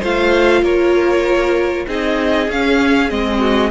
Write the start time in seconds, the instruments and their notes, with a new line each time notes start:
0.00 cello A3, viola F4, violin C5 F5
0.63 cello A#3, violin A#4 C#5
1.88 cello C4, viola D#4, violin G#4 D#5
2.49 cello C#4, viola C#4, violin F5
3.10 cello G#3, viola C4, violin D#5
3.40 violin F#4